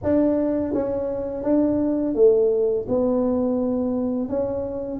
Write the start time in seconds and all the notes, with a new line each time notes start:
0.03 D4
0.73 C#4
1.43 D4
2.15 A3
2.88 B3
4.29 C#4